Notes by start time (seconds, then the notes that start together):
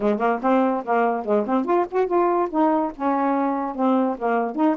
0.00 G#3
0.18 A#3
0.42 C4
0.84 A#3
1.25 G#3
1.46 C4
1.64 F4
1.91 F#4
2.06 F4
2.50 D#4
2.96 C#4
3.75 C4
4.18 A#3
4.55 D#4